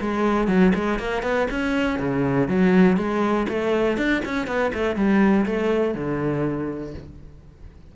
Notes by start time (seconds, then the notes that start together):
0.00 G#3
0.48 F#3
0.74 G#3
0.99 A#3
1.22 B3
1.50 C#4
1.99 C#3
2.48 F#3
2.96 G#3
3.48 A3
3.97 D4
4.25 C#4
4.47 B3
4.74 A3
4.95 G3
5.45 A3
5.94 D3